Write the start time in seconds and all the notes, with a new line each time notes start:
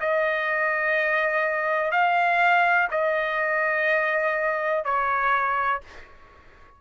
0.00 D#5
1.91 F5
2.91 D#5
4.84 C#5